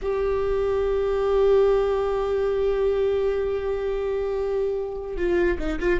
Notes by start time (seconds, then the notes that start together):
0.02 G4
5.16 F4
5.58 D#4
5.79 F4